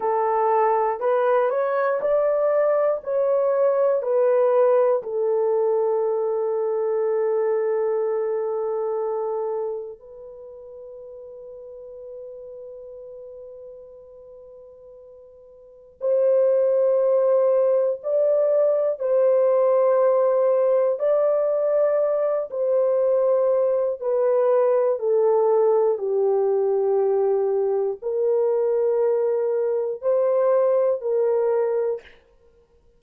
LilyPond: \new Staff \with { instrumentName = "horn" } { \time 4/4 \tempo 4 = 60 a'4 b'8 cis''8 d''4 cis''4 | b'4 a'2.~ | a'2 b'2~ | b'1 |
c''2 d''4 c''4~ | c''4 d''4. c''4. | b'4 a'4 g'2 | ais'2 c''4 ais'4 | }